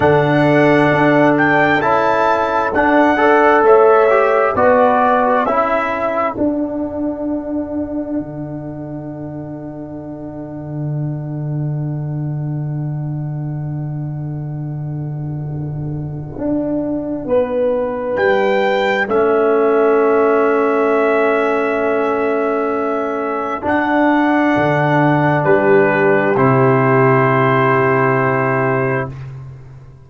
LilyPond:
<<
  \new Staff \with { instrumentName = "trumpet" } { \time 4/4 \tempo 4 = 66 fis''4. g''8 a''4 fis''4 | e''4 d''4 e''4 fis''4~ | fis''1~ | fis''1~ |
fis''1 | g''4 e''2.~ | e''2 fis''2 | b'4 c''2. | }
  \new Staff \with { instrumentName = "horn" } { \time 4/4 a'2.~ a'8 d''8 | cis''4 b'4 a'2~ | a'1~ | a'1~ |
a'2. b'4~ | b'4 a'2.~ | a'1 | g'1 | }
  \new Staff \with { instrumentName = "trombone" } { \time 4/4 d'2 e'4 d'8 a'8~ | a'8 g'8 fis'4 e'4 d'4~ | d'1~ | d'1~ |
d'1~ | d'4 cis'2.~ | cis'2 d'2~ | d'4 e'2. | }
  \new Staff \with { instrumentName = "tuba" } { \time 4/4 d4 d'4 cis'4 d'4 | a4 b4 cis'4 d'4~ | d'4 d2.~ | d1~ |
d2 d'4 b4 | g4 a2.~ | a2 d'4 d4 | g4 c2. | }
>>